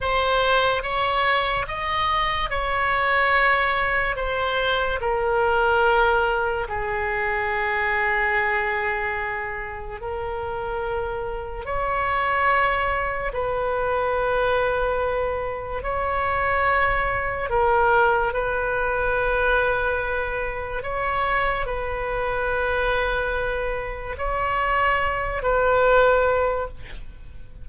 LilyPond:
\new Staff \with { instrumentName = "oboe" } { \time 4/4 \tempo 4 = 72 c''4 cis''4 dis''4 cis''4~ | cis''4 c''4 ais'2 | gis'1 | ais'2 cis''2 |
b'2. cis''4~ | cis''4 ais'4 b'2~ | b'4 cis''4 b'2~ | b'4 cis''4. b'4. | }